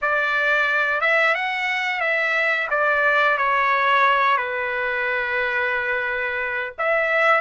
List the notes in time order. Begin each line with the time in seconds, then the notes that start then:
0.01 D5
1.01 E5
1.35 F#5
2.00 E5
2.70 D5
3.37 C#5
4.37 B4
6.78 E5